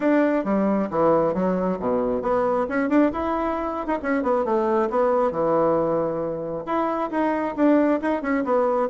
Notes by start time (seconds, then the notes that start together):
0.00 D4
0.44 G3
0.90 E3
1.34 F#3
1.79 B2
2.22 B3
2.68 C#4
2.89 D4
3.12 E4
3.86 D#4
4.02 C#4
4.22 B3
4.44 A3
4.90 B3
5.31 E3
6.65 E4
7.10 D#4
7.56 D4
8.01 D#4
8.22 C#4
8.44 B3